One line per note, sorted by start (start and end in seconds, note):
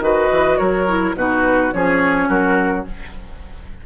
0.00 0.28 D#3
0.00 0.87 F#4
0.00 0.59 B4
0.00 0.57 D#5
0.31 0.59 E3
0.57 1.15 F#3
0.57 1.15 A#4
0.57 1.14 C#5
0.87 1.15 E4
1.15 1.71 B2
1.15 1.73 D#4
1.15 1.74 F#4
1.15 1.73 B4
1.73 2.29 F3
1.73 2.86 C#4
1.73 2.29 G#4
1.73 2.29 C#5
2.29 2.86 F#3
2.29 2.85 F#4
2.29 2.85 A#4